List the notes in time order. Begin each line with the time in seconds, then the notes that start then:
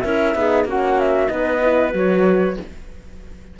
0.00 C#4 E4 A#4 E5
0.35 B3 D#4 G#4
0.65 A#3 C#4 F#4 F#5
0.99 E5
1.27 B3 D#4 B4 D#5
1.62 E4
1.91 F#3 F#4 C#5